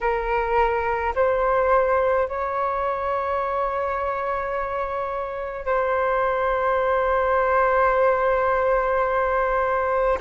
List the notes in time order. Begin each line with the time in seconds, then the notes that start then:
0.01 A#4
1.15 C5
2.28 C#5
5.65 C5